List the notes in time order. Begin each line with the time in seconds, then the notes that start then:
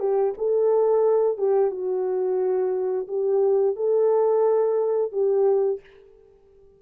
0.00 G4
0.38 A4
1.38 G4
1.71 F#4
3.08 G4
3.76 A4
5.12 G4